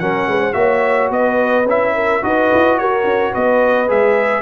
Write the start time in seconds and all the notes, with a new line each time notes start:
0.00 F#3 C#4 A#4 F#5
0.27 G#3 B4
0.40 C5
0.53 A#3 F#4 C#5 E5
1.11 B3 B4 D#5
1.66 C#4 E4 E5
1.95 A#4
2.22 D#4 F#4 B4 D#5
2.54 E4
2.78 F#4 A#4 C#5
3.04 C#4
3.32 B3 B4 D#5
3.88 G#3 G#4 E5